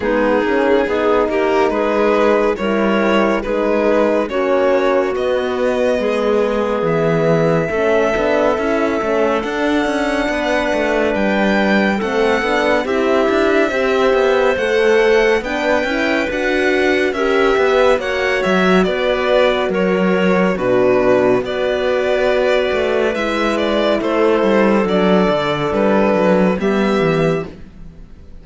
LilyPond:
<<
  \new Staff \with { instrumentName = "violin" } { \time 4/4 \tempo 4 = 70 gis'4. ais'8 b'4 cis''4 | b'4 cis''4 dis''2 | e''2. fis''4~ | fis''4 g''4 fis''4 e''4~ |
e''4 fis''4 g''4 fis''4 | e''4 fis''8 e''8 d''4 cis''4 | b'4 d''2 e''8 d''8 | c''4 d''4 b'4 e''4 | }
  \new Staff \with { instrumentName = "clarinet" } { \time 4/4 dis'4 gis'8 g'8 gis'4 ais'4 | gis'4 fis'2 gis'4~ | gis'4 a'2. | b'2 a'4 g'4 |
c''2 b'2 | ais'8 b'8 cis''4 b'4 ais'4 | fis'4 b'2. | a'2. g'4 | }
  \new Staff \with { instrumentName = "horn" } { \time 4/4 b8 cis'8 dis'2 e'4 | dis'4 cis'4 b2~ | b4 cis'8 d'8 e'8 cis'8 d'4~ | d'2 c'8 d'8 e'4 |
g'4 a'4 d'8 e'8 fis'4 | g'4 fis'2. | d'4 fis'2 e'4~ | e'4 d'2 b4 | }
  \new Staff \with { instrumentName = "cello" } { \time 4/4 gis8 ais8 b8 ais8 gis4 g4 | gis4 ais4 b4 gis4 | e4 a8 b8 cis'8 a8 d'8 cis'8 | b8 a8 g4 a8 b8 c'8 d'8 |
c'8 b8 a4 b8 cis'8 d'4 | cis'8 b8 ais8 fis8 b4 fis4 | b,4 b4. a8 gis4 | a8 g8 fis8 d8 g8 fis8 g8 e8 | }
>>